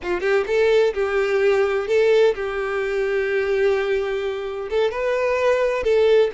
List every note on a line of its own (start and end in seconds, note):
0.03 0.20 F4
0.20 0.44 G4
0.46 0.93 A4
0.94 1.87 G4
1.87 2.34 A4
2.34 4.69 G4
4.70 4.91 A4
4.91 5.83 B4
5.83 6.30 A4